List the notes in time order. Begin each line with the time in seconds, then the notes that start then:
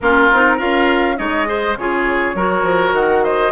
0.00 A#3 C#4 F4 A#4
0.32 C4 D#4
0.56 C#4 F4 A#4 F5
1.16 G#3 D#4 C#5 D#5
1.45 G#4 C5
1.76 C#3 F4 G#4 C#5
2.34 F#3 F#4 A#4
2.62 F3
2.92 D#3 F#5
3.23 C5 D#5